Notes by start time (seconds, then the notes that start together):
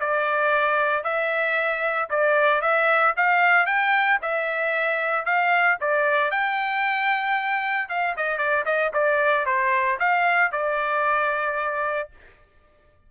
0.00 D5
1.04 E5
2.10 D5
2.62 E5
3.17 F5
3.67 G5
4.22 E5
5.26 F5
5.81 D5
6.31 G5
7.89 F5
8.17 D#5
8.38 D5
8.66 D#5
8.94 D5
9.46 C5
10.00 F5
10.52 D5